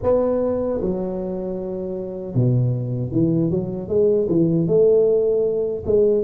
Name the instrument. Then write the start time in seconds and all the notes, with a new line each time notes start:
tuba
0.02 B3
0.81 F#3
2.34 B2
3.11 E3
3.50 F#3
3.88 G#3
4.29 E3
4.67 A3
5.85 G#3